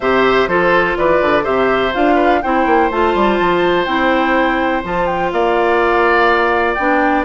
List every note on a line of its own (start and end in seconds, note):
0.00 0.47 C3
0.00 0.48 G4
0.00 0.49 C5
0.00 0.47 E5
0.47 0.95 F3
0.47 1.43 F4
0.47 0.97 A4
0.47 0.96 C5
0.96 1.21 E3
0.96 1.43 B4
0.96 1.44 D5
1.21 1.46 D3
1.43 1.94 C3
1.43 1.91 G4
1.43 2.14 C5
1.43 1.93 E5
1.93 2.44 D4
1.93 2.41 F4
1.93 2.41 F5
2.14 2.39 B4
2.41 2.65 C4
2.41 2.91 E4
2.41 5.33 C5
2.41 2.90 G5
2.65 2.90 A#3
2.90 3.15 A3
2.90 3.86 F4
2.90 3.85 A5
3.15 3.39 G3
3.40 3.86 F3
3.85 4.83 C4
3.85 4.83 E4
3.85 4.82 G5
4.83 5.32 F3
4.83 6.77 F4
4.83 5.06 A5
5.06 5.30 G5
5.31 6.77 A#3
5.31 7.25 D5
5.31 6.74 F5
6.74 7.25 B3
6.74 7.25 D4
6.74 7.22 G5